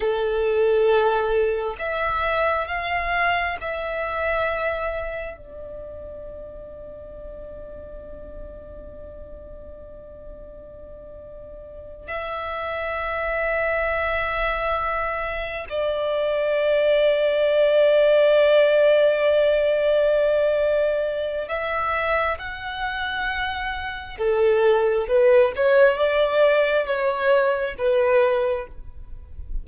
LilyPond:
\new Staff \with { instrumentName = "violin" } { \time 4/4 \tempo 4 = 67 a'2 e''4 f''4 | e''2 d''2~ | d''1~ | d''4. e''2~ e''8~ |
e''4. d''2~ d''8~ | d''1 | e''4 fis''2 a'4 | b'8 cis''8 d''4 cis''4 b'4 | }